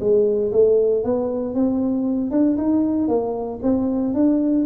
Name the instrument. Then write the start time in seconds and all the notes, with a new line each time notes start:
tuba
0.00 G#3
0.52 A3
1.04 B3
1.55 C4
2.31 D4
2.57 D#4
3.08 A#3
3.63 C4
4.14 D4